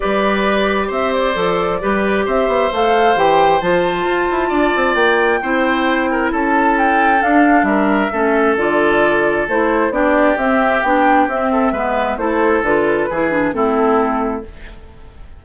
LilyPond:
<<
  \new Staff \with { instrumentName = "flute" } { \time 4/4 \tempo 4 = 133 d''2 e''8 d''4.~ | d''4 e''4 f''4 g''4 | a''2. g''4~ | g''2 a''4 g''4 |
f''4 e''2 d''4~ | d''4 c''4 d''4 e''4 | g''4 e''2 c''4 | b'2 a'2 | }
  \new Staff \with { instrumentName = "oboe" } { \time 4/4 b'2 c''2 | b'4 c''2.~ | c''2 d''2 | c''4. ais'8 a'2~ |
a'4 ais'4 a'2~ | a'2 g'2~ | g'4. a'8 b'4 a'4~ | a'4 gis'4 e'2 | }
  \new Staff \with { instrumentName = "clarinet" } { \time 4/4 g'2. a'4 | g'2 a'4 g'4 | f'1 | e'1 |
d'2 cis'4 f'4~ | f'4 e'4 d'4 c'4 | d'4 c'4 b4 e'4 | f'4 e'8 d'8 c'2 | }
  \new Staff \with { instrumentName = "bassoon" } { \time 4/4 g2 c'4 f4 | g4 c'8 b8 a4 e4 | f4 f'8 e'8 d'8 c'8 ais4 | c'2 cis'2 |
d'4 g4 a4 d4~ | d4 a4 b4 c'4 | b4 c'4 gis4 a4 | d4 e4 a2 | }
>>